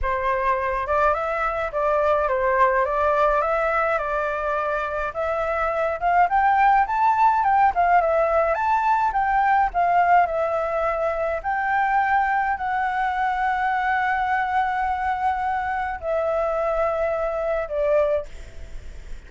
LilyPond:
\new Staff \with { instrumentName = "flute" } { \time 4/4 \tempo 4 = 105 c''4. d''8 e''4 d''4 | c''4 d''4 e''4 d''4~ | d''4 e''4. f''8 g''4 | a''4 g''8 f''8 e''4 a''4 |
g''4 f''4 e''2 | g''2 fis''2~ | fis''1 | e''2. d''4 | }